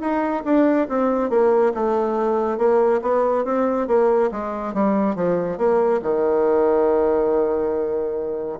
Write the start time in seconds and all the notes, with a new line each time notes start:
0.00 D#4
0.44 D4
0.88 C4
1.29 A#3
1.74 A3
2.58 A#3
3.02 B3
3.44 C4
3.87 A#3
4.31 G#3
4.74 G3
5.15 F3
5.58 A#3
6.02 D#3